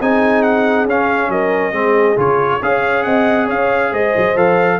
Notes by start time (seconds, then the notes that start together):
0.00 C4 D#4 G#4 G#5
0.42 F#5
0.85 C#4 F5
1.29 F#3 A#4 D#5
1.72 G#3 C4 G#4
2.16 C#3 F4 C#5
2.62 C#4 G#4 C#5 F5
3.03 C4 D#5 F#5
3.46 C#4 C#5 F5
3.90 G#3 C5 D#5
4.17 F#3
4.36 F3 A4 F5